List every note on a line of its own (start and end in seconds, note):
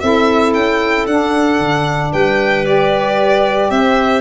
0.00 0.55 C4
0.00 1.07 E4
0.00 2.12 A4
0.00 0.53 E5
0.53 1.07 C#4
0.53 1.06 G5
1.07 1.59 D4
1.07 2.65 D4
1.07 2.12 F#5
1.59 2.12 D3
2.12 3.70 G3
2.12 3.70 B4
2.12 2.65 G5
2.65 4.21 G4
2.65 3.70 D5
3.70 4.21 C4
3.70 4.21 C5
3.70 4.21 E5